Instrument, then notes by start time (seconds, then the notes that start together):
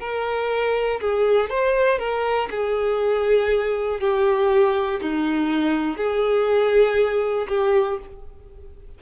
violin
0.00 A#4
1.00 G#4
1.49 C5
1.99 A#4
2.50 G#4
4.00 G4
5.01 D#4
5.97 G#4
7.48 G4